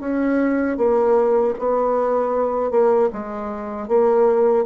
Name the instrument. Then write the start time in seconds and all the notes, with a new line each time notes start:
bassoon
0.00 C#4
0.77 A#3
1.58 B3
2.71 A#3
3.13 G#3
3.88 A#3